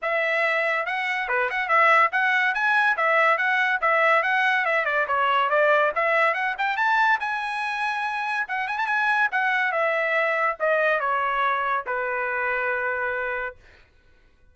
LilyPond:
\new Staff \with { instrumentName = "trumpet" } { \time 4/4 \tempo 4 = 142 e''2 fis''4 b'8 fis''8 | e''4 fis''4 gis''4 e''4 | fis''4 e''4 fis''4 e''8 d''8 | cis''4 d''4 e''4 fis''8 g''8 |
a''4 gis''2. | fis''8 gis''16 a''16 gis''4 fis''4 e''4~ | e''4 dis''4 cis''2 | b'1 | }